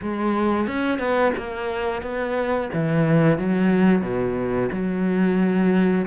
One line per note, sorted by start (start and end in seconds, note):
0.02 0.67 G#3
0.67 0.98 C#4
0.98 1.32 B3
1.37 2.02 A#3
2.02 2.69 B3
2.73 3.38 E3
3.38 4.01 F#3
4.01 4.69 B2
4.72 6.06 F#3